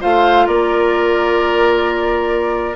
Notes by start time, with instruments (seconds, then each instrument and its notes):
0.00 bassoon A3, clarinet F4, oboe C5, flute F5
0.46 bassoon A#3, oboe A#4, flute D5